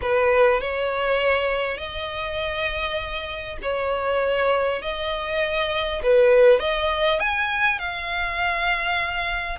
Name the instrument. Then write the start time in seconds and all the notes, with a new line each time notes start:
violin
0.01 B4
0.60 C#5
1.77 D#5
3.62 C#5
4.82 D#5
6.02 B4
6.59 D#5
7.19 G#5
7.78 F5